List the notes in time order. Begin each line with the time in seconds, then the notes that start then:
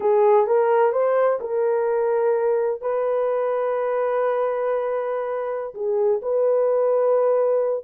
0.00 G#4
0.46 A#4
0.92 C5
1.40 A#4
2.81 B4
5.74 G#4
6.22 B4